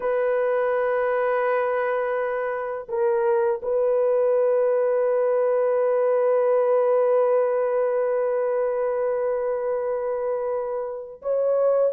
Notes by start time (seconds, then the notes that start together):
0.00 B4
2.88 A#4
3.62 B4
11.21 C#5